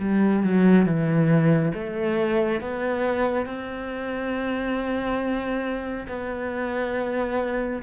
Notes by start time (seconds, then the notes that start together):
0.00 G3
0.43 F#3
0.86 E3
1.74 A3
2.61 B3
3.46 C4
6.09 B3